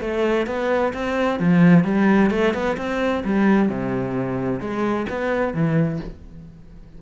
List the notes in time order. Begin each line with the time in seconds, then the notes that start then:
0.00 A3
0.46 B3
0.93 C4
1.39 F3
1.84 G3
2.30 A3
2.53 B3
2.77 C4
3.24 G3
3.69 C3
4.60 G#3
5.09 B3
5.53 E3